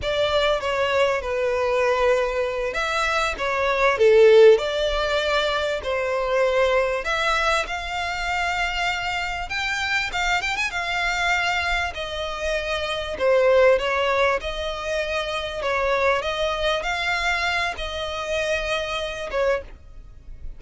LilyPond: \new Staff \with { instrumentName = "violin" } { \time 4/4 \tempo 4 = 98 d''4 cis''4 b'2~ | b'8 e''4 cis''4 a'4 d''8~ | d''4. c''2 e''8~ | e''8 f''2. g''8~ |
g''8 f''8 g''16 gis''16 f''2 dis''8~ | dis''4. c''4 cis''4 dis''8~ | dis''4. cis''4 dis''4 f''8~ | f''4 dis''2~ dis''8 cis''8 | }